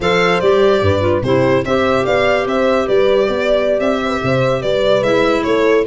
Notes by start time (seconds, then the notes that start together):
0.00 F3 A4 C5 F5
0.39 G3 G4 D5
0.81 G2 B4
1.00 F4
1.22 C3 E4 G4 C5
1.64 C4 G4 C5 E5
2.05 B3 D5 F5
2.45 C4 C5 E5
2.86 G3 B4 D5
3.27 B3 D5
3.79 C4 E5
4.02 C5
4.08 B4
4.23 C3 C5
4.61 G3 B4 D5
5.01 G#3 E4 E5
5.43 A3 A4 C#5